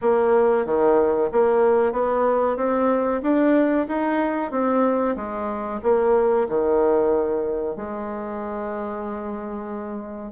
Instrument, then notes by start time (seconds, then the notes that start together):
bassoon
0.01 A#3
0.65 D#3
1.31 A#3
1.92 B3
2.57 C4
3.22 D4
3.88 D#4
4.51 C4
5.16 G#3
5.82 A#3
6.48 D#3
7.76 G#3